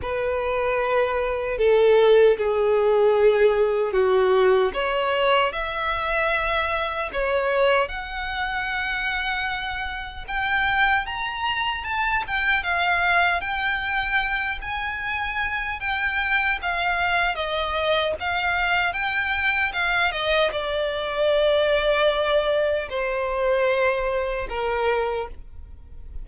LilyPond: \new Staff \with { instrumentName = "violin" } { \time 4/4 \tempo 4 = 76 b'2 a'4 gis'4~ | gis'4 fis'4 cis''4 e''4~ | e''4 cis''4 fis''2~ | fis''4 g''4 ais''4 a''8 g''8 |
f''4 g''4. gis''4. | g''4 f''4 dis''4 f''4 | g''4 f''8 dis''8 d''2~ | d''4 c''2 ais'4 | }